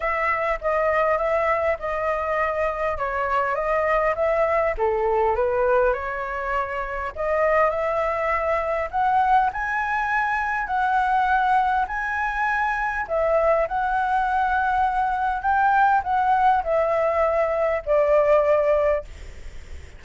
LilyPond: \new Staff \with { instrumentName = "flute" } { \time 4/4 \tempo 4 = 101 e''4 dis''4 e''4 dis''4~ | dis''4 cis''4 dis''4 e''4 | a'4 b'4 cis''2 | dis''4 e''2 fis''4 |
gis''2 fis''2 | gis''2 e''4 fis''4~ | fis''2 g''4 fis''4 | e''2 d''2 | }